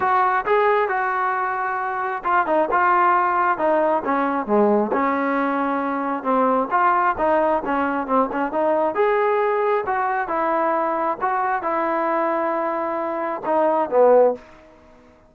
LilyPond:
\new Staff \with { instrumentName = "trombone" } { \time 4/4 \tempo 4 = 134 fis'4 gis'4 fis'2~ | fis'4 f'8 dis'8 f'2 | dis'4 cis'4 gis4 cis'4~ | cis'2 c'4 f'4 |
dis'4 cis'4 c'8 cis'8 dis'4 | gis'2 fis'4 e'4~ | e'4 fis'4 e'2~ | e'2 dis'4 b4 | }